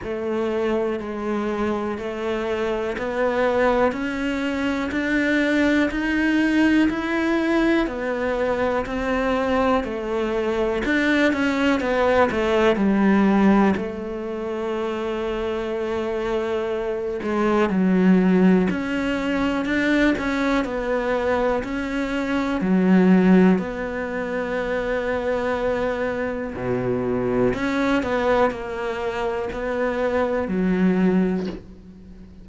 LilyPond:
\new Staff \with { instrumentName = "cello" } { \time 4/4 \tempo 4 = 61 a4 gis4 a4 b4 | cis'4 d'4 dis'4 e'4 | b4 c'4 a4 d'8 cis'8 | b8 a8 g4 a2~ |
a4. gis8 fis4 cis'4 | d'8 cis'8 b4 cis'4 fis4 | b2. b,4 | cis'8 b8 ais4 b4 fis4 | }